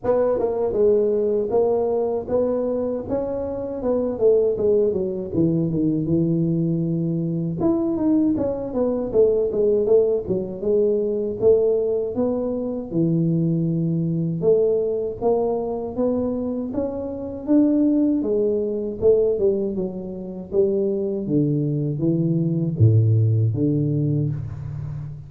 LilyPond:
\new Staff \with { instrumentName = "tuba" } { \time 4/4 \tempo 4 = 79 b8 ais8 gis4 ais4 b4 | cis'4 b8 a8 gis8 fis8 e8 dis8 | e2 e'8 dis'8 cis'8 b8 | a8 gis8 a8 fis8 gis4 a4 |
b4 e2 a4 | ais4 b4 cis'4 d'4 | gis4 a8 g8 fis4 g4 | d4 e4 a,4 d4 | }